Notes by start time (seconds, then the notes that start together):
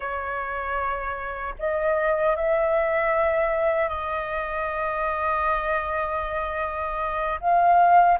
0.00 C#5
1.58 D#5
2.36 E5
3.89 D#5
7.40 F5